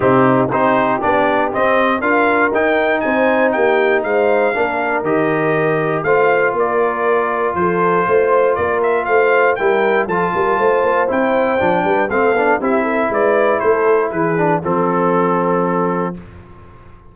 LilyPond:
<<
  \new Staff \with { instrumentName = "trumpet" } { \time 4/4 \tempo 4 = 119 g'4 c''4 d''4 dis''4 | f''4 g''4 gis''4 g''4 | f''2 dis''2 | f''4 d''2 c''4~ |
c''4 d''8 e''8 f''4 g''4 | a''2 g''2 | f''4 e''4 d''4 c''4 | b'4 a'2. | }
  \new Staff \with { instrumentName = "horn" } { \time 4/4 dis'4 g'2. | ais'2 c''4 g'4 | c''4 ais'2. | c''4 ais'2 a'4 |
c''4 ais'4 c''4 ais'4 | a'8 ais'8 c''2~ c''8 b'8 | a'4 g'8 a'8 b'4 a'4 | gis'4 a'2. | }
  \new Staff \with { instrumentName = "trombone" } { \time 4/4 c'4 dis'4 d'4 c'4 | f'4 dis'2.~ | dis'4 d'4 g'2 | f'1~ |
f'2. e'4 | f'2 e'4 d'4 | c'8 d'8 e'2.~ | e'8 d'8 c'2. | }
  \new Staff \with { instrumentName = "tuba" } { \time 4/4 c4 c'4 b4 c'4 | d'4 dis'4 c'4 ais4 | gis4 ais4 dis2 | a4 ais2 f4 |
a4 ais4 a4 g4 | f8 g8 a8 ais8 c'4 f8 g8 | a8 b8 c'4 gis4 a4 | e4 f2. | }
>>